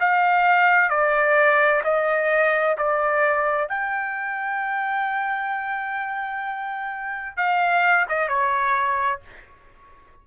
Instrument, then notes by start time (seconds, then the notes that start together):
trumpet
0.00 F5
0.89 D5
1.84 D#5
2.78 D5
3.68 G5
7.37 F5
8.09 D#5
8.28 C#5